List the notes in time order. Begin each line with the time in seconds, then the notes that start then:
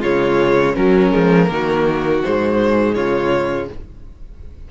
0.00 C#3 G#3 F4 C#5
0.74 F#3 C#4 A#4
1.11 F3 G#3
1.46 D#3 A#3
1.52 F#4
2.24 G#2 G#3 C5
2.95 C#3 F4 C#5